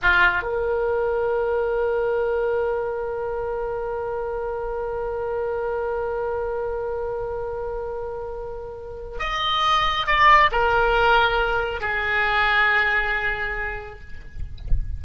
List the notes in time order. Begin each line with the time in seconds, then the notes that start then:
0.02 F4
0.42 A#4
9.19 D#5
10.06 D5
10.51 A#4
11.80 G#4